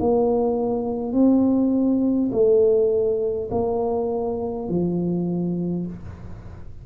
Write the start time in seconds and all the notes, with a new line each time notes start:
0.00 A#3
1.12 C4
2.32 A3
3.51 A#3
4.68 F3